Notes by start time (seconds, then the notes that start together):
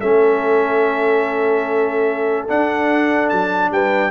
0.00 A3 C#4 A4 E5
2.48 D4 F#5
3.29 F#3 A5
3.71 G3 B4 G5